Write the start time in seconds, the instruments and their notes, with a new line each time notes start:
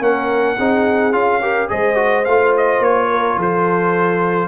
0.00 tuba A#3, trombone C#4, horn A#4, trumpet F#5
0.57 tuba C4, trombone D#4, horn G#4
1.12 tuba C#4, trombone F4, trumpet F5
1.41 trombone G4, horn A#4
1.68 tuba G#3, trombone G#4, horn C5, trumpet D#5
1.95 trombone F#4
2.25 tuba A3, trombone F4, trumpet F5
2.57 trumpet D#5
2.79 tuba A#3, trumpet C#5
3.10 horn A#4
3.37 tuba F3, horn A4, trumpet C5